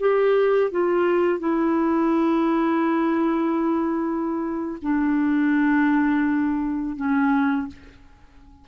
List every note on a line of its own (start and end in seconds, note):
0.00 0.71 G4
0.71 1.40 F4
1.40 4.79 E4
4.82 6.96 D4
6.96 7.68 C#4